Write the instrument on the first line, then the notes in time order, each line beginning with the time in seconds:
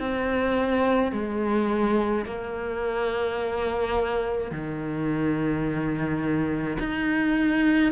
cello
0.00 C4
1.12 G#3
2.26 A#3
4.52 D#3
6.80 D#4